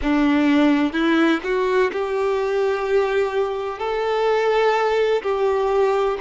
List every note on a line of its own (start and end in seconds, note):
0.02 0.93 D4
0.93 1.40 E4
1.43 1.91 F#4
1.92 3.78 G4
3.78 5.22 A4
5.22 6.17 G4